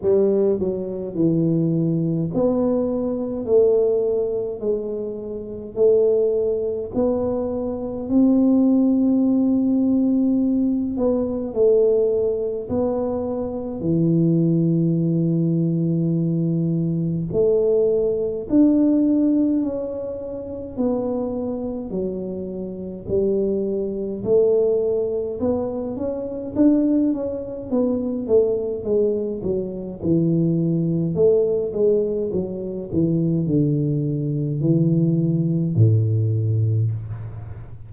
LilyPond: \new Staff \with { instrumentName = "tuba" } { \time 4/4 \tempo 4 = 52 g8 fis8 e4 b4 a4 | gis4 a4 b4 c'4~ | c'4. b8 a4 b4 | e2. a4 |
d'4 cis'4 b4 fis4 | g4 a4 b8 cis'8 d'8 cis'8 | b8 a8 gis8 fis8 e4 a8 gis8 | fis8 e8 d4 e4 a,4 | }